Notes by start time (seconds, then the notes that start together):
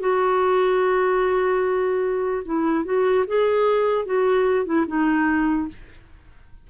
0.00 F#4
2.45 E4
2.85 F#4
3.27 G#4
4.06 F#4
4.65 E4
4.88 D#4